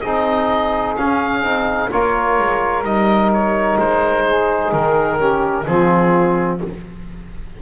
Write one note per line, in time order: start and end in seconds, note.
0.00 0.96 C4
0.00 0.97 D#4
0.00 1.88 G#4
0.00 0.94 D#5
0.96 1.43 C#4
0.96 1.42 C#4
0.96 1.90 F5
1.42 1.89 C4
1.42 1.90 D#4
1.90 2.38 A#3
1.90 2.84 F4
1.90 4.24 A#4
1.90 2.84 C#5
2.39 2.83 G#3
2.83 3.76 G3
2.83 5.19 D#4
2.83 3.31 D#5
3.32 3.79 C#5
3.78 4.72 G#3
3.78 4.72 C5
4.27 5.17 G#4
4.72 5.66 D#3
4.72 5.65 A#4
5.17 5.65 C#4
5.17 5.63 G4
5.65 6.61 F3
5.65 6.60 C4
5.65 6.61 F4
5.65 6.59 G#4